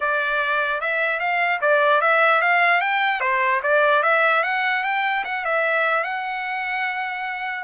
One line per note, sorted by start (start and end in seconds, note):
0.00 0.80 D5
0.80 1.19 E5
1.19 1.60 F5
1.61 2.01 D5
2.01 2.41 E5
2.41 2.80 F5
2.80 3.20 G5
3.20 3.60 C5
3.63 4.02 D5
4.02 4.43 E5
4.43 4.83 F#5
4.83 5.23 G5
5.24 5.44 F#5
5.44 6.03 E5
6.03 7.63 F#5